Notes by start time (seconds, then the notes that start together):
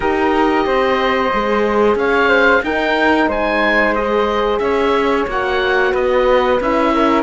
0.00 D#4 G4 A#4 D#5
0.65 C4 C5
1.33 G#3 G#4
1.95 C#4 C#5 F5
2.28 C5
2.62 D#4 A#4 G5
3.27 G#3 C5 G#5
3.95 G#4 D#5
4.58 C#4 C#5 E5
5.27 A#3 F#4 F#5
5.92 B3 B4 D#5
6.60 C#4 E4 E5
6.94 A#4